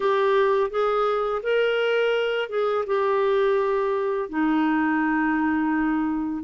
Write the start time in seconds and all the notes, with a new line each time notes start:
0.00 G4
0.70 G#4
1.43 A#4
2.49 G#4
2.86 G4
4.29 D#4